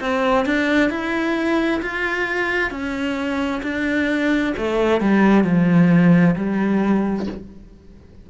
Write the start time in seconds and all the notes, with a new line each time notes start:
0.00 C4
0.45 D4
0.90 E4
1.82 F4
2.71 C#4
3.63 D4
4.57 A3
5.00 G3
5.44 F3
6.36 G3